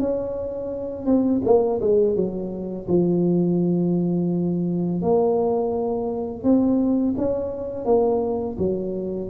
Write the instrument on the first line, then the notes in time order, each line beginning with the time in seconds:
tuba
0.00 C#4
1.06 C4
1.45 A#3
1.81 G#3
2.16 F#3
2.89 F3
5.02 A#3
6.44 C4
7.18 C#4
7.85 A#3
8.58 F#3